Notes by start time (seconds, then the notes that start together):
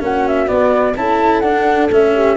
0.00 A#3 C#4 F#4 F#5
0.27 E5
0.46 B3 D5
0.96 C#4 E4 A4 A5
1.39 D4 F#5
1.90 A3 C#4 E5
2.14 G4